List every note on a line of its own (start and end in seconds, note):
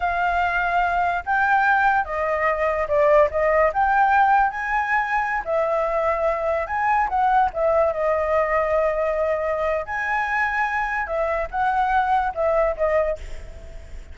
0.00 1.23 F5
1.25 2.05 G5
2.05 2.87 D#5
2.88 3.29 D5
3.30 3.72 D#5
3.73 4.50 G5
4.50 5.42 G#5
5.44 6.66 E5
6.66 7.07 G#5
7.08 7.49 F#5
7.53 7.92 E5
7.92 9.85 D#5
9.85 11.06 G#5
11.06 11.48 E5
11.50 12.33 F#5
12.34 12.75 E5
12.77 13.18 D#5